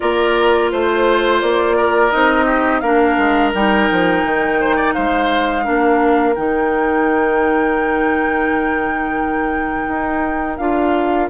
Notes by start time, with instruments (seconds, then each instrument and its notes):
0.00 bassoon A#3, clarinet F4, oboe A#4, flute D5
0.72 bassoon A3, oboe C5, flute C5
1.41 bassoon A#3, flute D5
1.76 oboe A#4
2.11 bassoon C4, clarinet D#4, flute D#5
2.45 oboe G4
2.80 bassoon A#3, clarinet D4, oboe A#4, flute F5
3.18 bassoon G#3
3.54 bassoon G3, clarinet D#4, flute G5
3.91 bassoon F3
4.24 bassoon D#3
4.60 oboe C5
4.75 oboe D5
4.93 bassoon G#3, oboe C5, flute F5
5.64 bassoon A#3, clarinet D4, oboe A#4
6.35 bassoon D#3, clarinet D#4, flute G5
9.88 bassoon D#4
10.57 bassoon D4, clarinet F4, flute F5